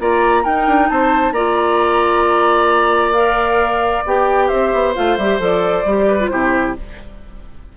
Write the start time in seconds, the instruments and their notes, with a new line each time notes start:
0.00 bassoon A#3, clarinet F4, oboe D5, flute A#5
0.44 clarinet D#4, bassoon D#4, oboe A#4, flute G5
0.67 bassoon D4
0.89 bassoon C4, oboe C5, flute A5
1.32 bassoon A#3, clarinet F4, oboe D5, flute A#5
3.13 clarinet A#4, flute F5
4.06 bassoon B3, clarinet G4, flute G5
4.48 bassoon C4, oboe C5, flute E5
4.73 bassoon B3
4.95 bassoon A3, clarinet F4, flute F5
5.18 bassoon G3, clarinet G4, flute E5
5.39 bassoon F3, clarinet A4, flute D5
5.85 bassoon G3, clarinet G4
6.08 oboe B4
6.20 clarinet F4
6.28 bassoon C3, clarinet E4, oboe G4, flute C5